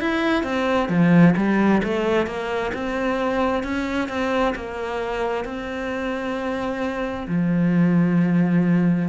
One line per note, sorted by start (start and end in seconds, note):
0.00 0.43 E4
0.43 0.89 C4
0.89 1.35 F3
1.36 1.82 G3
1.83 2.26 A3
2.26 2.72 A#3
2.74 3.63 C4
3.63 4.09 C#4
4.09 4.54 C4
4.55 5.45 A#3
5.45 7.26 C4
7.28 9.09 F3